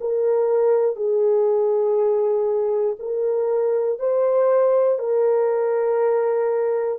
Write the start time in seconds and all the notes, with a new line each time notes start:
0.00 A#4
0.96 G#4
2.99 A#4
3.99 C5
4.99 A#4